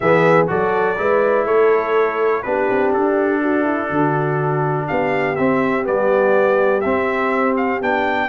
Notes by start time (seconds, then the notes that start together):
0.00 E3 B3 G#4 E5
0.47 F#3 F#4 A4 D5
0.97 G#3 E4 B4
1.45 A3 A4 C#5
2.42 B3 D4 G4 B4
2.70 C4
2.93 D4 A4
3.42 F#4
3.63 E4
3.89 D3 F#4
4.87 B3 G4 F5
5.35 C4 E5
5.83 G3 B3 D5
6.81 C4 E5
7.56 F5
7.81 B3 D4 G5